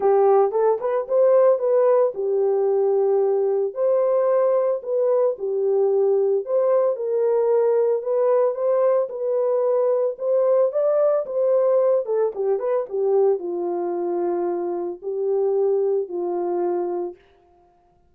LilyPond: \new Staff \with { instrumentName = "horn" } { \time 4/4 \tempo 4 = 112 g'4 a'8 b'8 c''4 b'4 | g'2. c''4~ | c''4 b'4 g'2 | c''4 ais'2 b'4 |
c''4 b'2 c''4 | d''4 c''4. a'8 g'8 b'8 | g'4 f'2. | g'2 f'2 | }